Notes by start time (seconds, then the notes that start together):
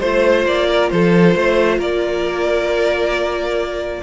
0.00 A3 F4 C5
0.45 A#3 D5
0.68 A#4
0.90 F3 A4 C5
1.35 A3 C5
1.78 A#3 A#4 D5